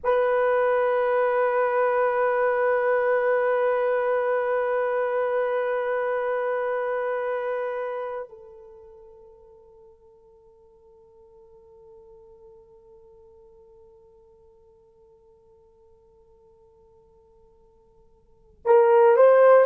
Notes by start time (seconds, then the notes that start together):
0.03 B4
8.28 A4
18.65 A#4
19.16 C5